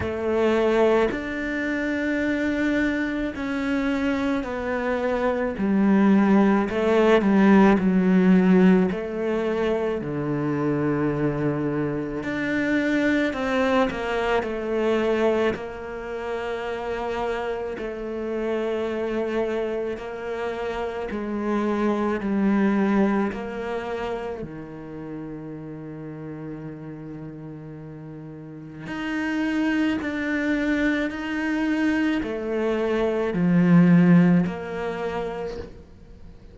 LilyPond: \new Staff \with { instrumentName = "cello" } { \time 4/4 \tempo 4 = 54 a4 d'2 cis'4 | b4 g4 a8 g8 fis4 | a4 d2 d'4 | c'8 ais8 a4 ais2 |
a2 ais4 gis4 | g4 ais4 dis2~ | dis2 dis'4 d'4 | dis'4 a4 f4 ais4 | }